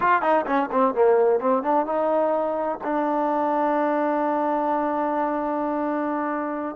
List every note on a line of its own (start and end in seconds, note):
0.00 0.22 F4
0.22 0.45 D#4
0.46 0.69 C#4
0.71 0.94 C4
0.94 1.40 A#3
1.40 1.62 C4
1.62 1.85 D4
1.85 2.78 D#4
2.84 6.75 D4